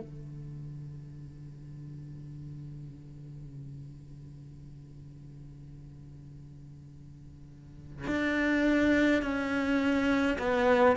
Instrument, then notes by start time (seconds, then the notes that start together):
cello
0.00 D3
8.07 D4
9.22 C#4
10.38 B3